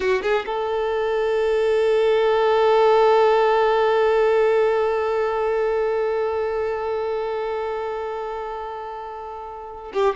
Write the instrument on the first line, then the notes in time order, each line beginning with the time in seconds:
violin
0.00 F#4
0.22 G#4
0.46 A4
9.93 G4